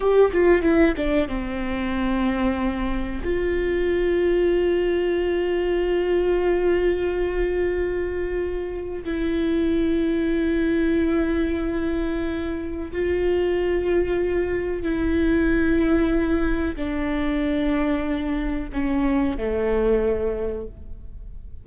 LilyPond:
\new Staff \with { instrumentName = "viola" } { \time 4/4 \tempo 4 = 93 g'8 f'8 e'8 d'8 c'2~ | c'4 f'2.~ | f'1~ | f'2 e'2~ |
e'1 | f'2. e'4~ | e'2 d'2~ | d'4 cis'4 a2 | }